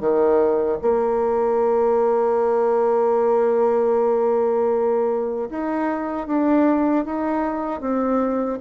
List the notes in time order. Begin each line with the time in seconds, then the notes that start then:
0.00 D#3
0.81 A#3
5.50 D#4
6.27 D4
7.05 D#4
7.81 C4